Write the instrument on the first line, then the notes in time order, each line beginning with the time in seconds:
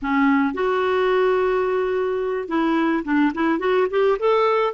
clarinet
0.02 C#4
0.54 F#4
2.48 E4
3.04 D4
3.34 E4
3.59 F#4
3.90 G4
4.19 A4